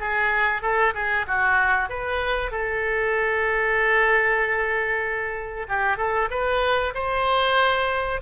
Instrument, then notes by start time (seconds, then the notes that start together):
oboe
0.00 G#4
0.62 A4
0.94 G#4
1.27 F#4
1.89 B4
2.51 A4
5.68 G4
5.97 A4
6.30 B4
6.94 C5